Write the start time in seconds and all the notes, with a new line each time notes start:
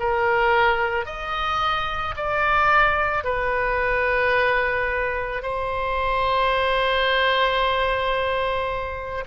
0.00 A#4
1.06 D#5
2.17 D5
3.24 B4
5.43 C5